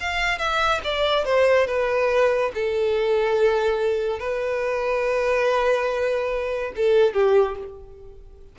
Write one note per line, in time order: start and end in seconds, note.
0.00 0.38 F5
0.38 0.81 E5
0.84 1.25 D5
1.25 1.67 C5
1.67 2.52 B4
2.54 4.19 A4
4.19 6.73 B4
6.76 7.14 A4
7.14 7.56 G4